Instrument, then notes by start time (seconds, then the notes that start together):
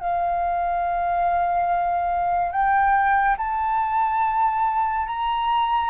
flute
0.00 F5
2.52 G5
3.38 A5
5.07 A#5